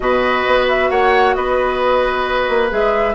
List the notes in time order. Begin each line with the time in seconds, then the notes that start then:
0.00 B2 F#4 B4 D#5
0.46 B3
0.68 E5
0.90 A#3 C#5 F#5
1.34 B3 B4 D#5
2.49 A#3
2.69 G#3 G#4 E5